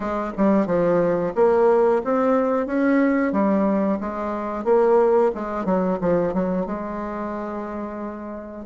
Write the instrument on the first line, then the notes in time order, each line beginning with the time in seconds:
bassoon
0.00 G#3
0.37 G3
0.66 F3
1.35 A#3
2.04 C4
2.66 C#4
3.32 G3
4.00 G#3
4.64 A#3
5.35 G#3
5.65 F#3
6.00 F3
6.33 F#3
6.66 G#3